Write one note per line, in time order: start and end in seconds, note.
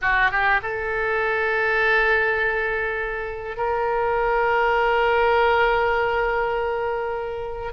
0.01 0.31 F#4
0.31 0.60 G4
0.62 3.56 A4
3.56 7.72 A#4